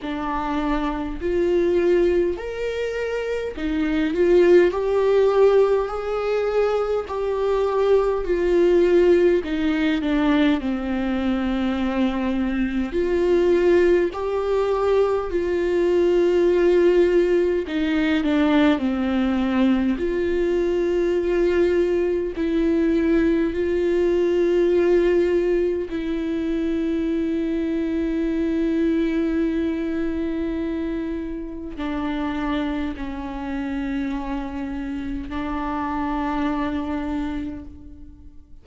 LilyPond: \new Staff \with { instrumentName = "viola" } { \time 4/4 \tempo 4 = 51 d'4 f'4 ais'4 dis'8 f'8 | g'4 gis'4 g'4 f'4 | dis'8 d'8 c'2 f'4 | g'4 f'2 dis'8 d'8 |
c'4 f'2 e'4 | f'2 e'2~ | e'2. d'4 | cis'2 d'2 | }